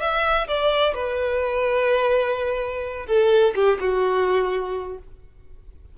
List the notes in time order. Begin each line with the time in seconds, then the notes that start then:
0.00 E5
0.48 D5
0.94 B4
3.07 A4
3.55 G4
3.80 F#4